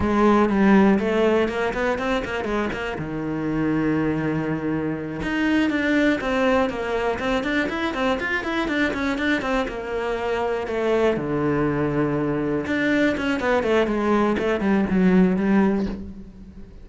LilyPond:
\new Staff \with { instrumentName = "cello" } { \time 4/4 \tempo 4 = 121 gis4 g4 a4 ais8 b8 | c'8 ais8 gis8 ais8 dis2~ | dis2~ dis8 dis'4 d'8~ | d'8 c'4 ais4 c'8 d'8 e'8 |
c'8 f'8 e'8 d'8 cis'8 d'8 c'8 ais8~ | ais4. a4 d4.~ | d4. d'4 cis'8 b8 a8 | gis4 a8 g8 fis4 g4 | }